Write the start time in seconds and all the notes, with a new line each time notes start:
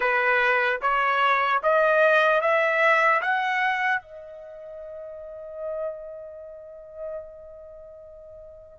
0.00 B4
0.81 C#5
1.63 D#5
2.41 E5
3.21 F#5
4.01 D#5